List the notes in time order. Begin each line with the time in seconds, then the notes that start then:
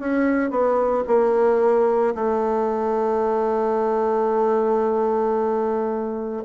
0.00 C#4
0.51 B3
1.08 A#3
2.15 A3